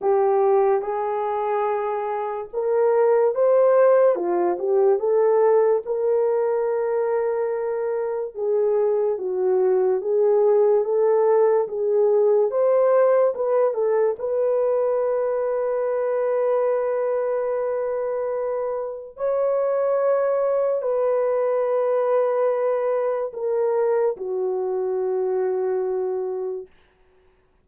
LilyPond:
\new Staff \with { instrumentName = "horn" } { \time 4/4 \tempo 4 = 72 g'4 gis'2 ais'4 | c''4 f'8 g'8 a'4 ais'4~ | ais'2 gis'4 fis'4 | gis'4 a'4 gis'4 c''4 |
b'8 a'8 b'2.~ | b'2. cis''4~ | cis''4 b'2. | ais'4 fis'2. | }